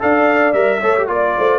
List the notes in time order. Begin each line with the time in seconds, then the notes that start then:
0.00 D4 A4 D5 F5
0.53 G3 A#4 E5
0.80 A3 A4 C#5
0.97 G4
1.08 A#3 F4 D5
1.38 A3 C5